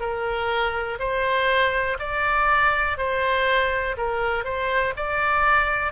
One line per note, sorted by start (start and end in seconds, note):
0.00 0.98 A#4
0.99 1.98 C5
1.99 2.98 D5
2.98 3.96 C5
3.97 4.45 A#4
4.45 4.94 C5
4.97 5.92 D5